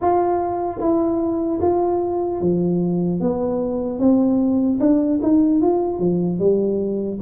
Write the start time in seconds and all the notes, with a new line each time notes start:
0.01 F4
0.79 E4
1.61 F4
2.40 F3
3.20 B3
3.99 C4
4.80 D4
5.22 D#4
5.61 F4
5.99 F3
6.39 G3